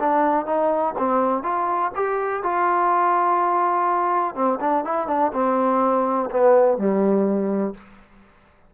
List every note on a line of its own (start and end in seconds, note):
0.00 0.46 D4
0.46 0.94 D#4
0.99 1.43 C4
1.43 1.92 F4
1.96 2.43 G4
2.43 4.35 F4
4.35 4.59 C4
4.61 4.85 D4
4.85 5.08 E4
5.08 5.32 D4
5.34 6.30 C4
6.31 6.78 B3
6.78 7.75 G3